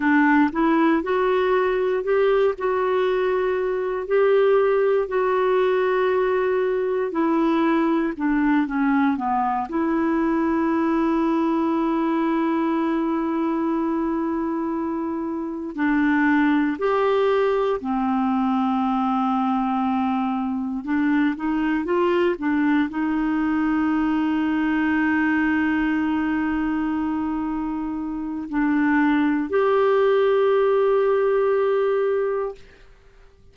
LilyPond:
\new Staff \with { instrumentName = "clarinet" } { \time 4/4 \tempo 4 = 59 d'8 e'8 fis'4 g'8 fis'4. | g'4 fis'2 e'4 | d'8 cis'8 b8 e'2~ e'8~ | e'2.~ e'8 d'8~ |
d'8 g'4 c'2~ c'8~ | c'8 d'8 dis'8 f'8 d'8 dis'4.~ | dis'1 | d'4 g'2. | }